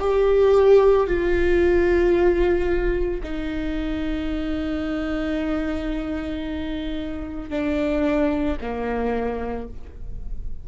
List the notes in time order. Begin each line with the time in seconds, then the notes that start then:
0.00 G4
1.07 F4
3.23 D#4
7.50 D4
8.61 A#3